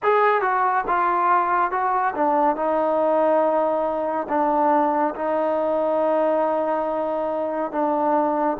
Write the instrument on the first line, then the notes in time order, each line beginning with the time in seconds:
trombone
0.02 G#4
0.41 F#4
0.86 F4
1.71 F#4
2.15 D4
2.56 D#4
4.28 D4
5.15 D#4
7.71 D4